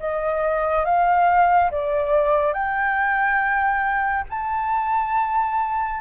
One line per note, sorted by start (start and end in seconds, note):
0.00 0.85 D#5
0.85 1.71 F5
1.71 2.54 D5
2.54 4.25 G5
4.30 6.01 A5